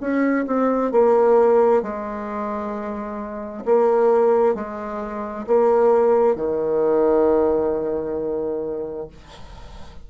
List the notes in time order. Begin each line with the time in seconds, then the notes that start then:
0.00 C#4
0.46 C4
0.91 A#3
1.82 G#3
3.65 A#3
4.55 G#3
5.46 A#3
6.35 D#3